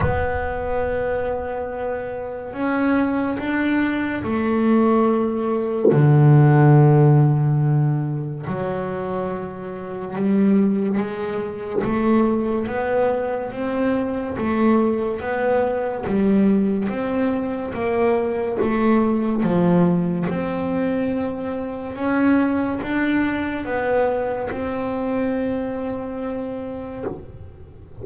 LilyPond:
\new Staff \with { instrumentName = "double bass" } { \time 4/4 \tempo 4 = 71 b2. cis'4 | d'4 a2 d4~ | d2 fis2 | g4 gis4 a4 b4 |
c'4 a4 b4 g4 | c'4 ais4 a4 f4 | c'2 cis'4 d'4 | b4 c'2. | }